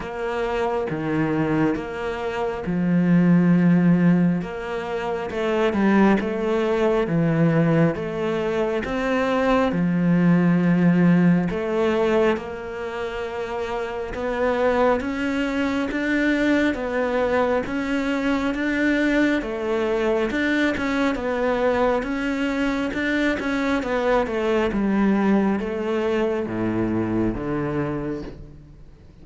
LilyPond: \new Staff \with { instrumentName = "cello" } { \time 4/4 \tempo 4 = 68 ais4 dis4 ais4 f4~ | f4 ais4 a8 g8 a4 | e4 a4 c'4 f4~ | f4 a4 ais2 |
b4 cis'4 d'4 b4 | cis'4 d'4 a4 d'8 cis'8 | b4 cis'4 d'8 cis'8 b8 a8 | g4 a4 a,4 d4 | }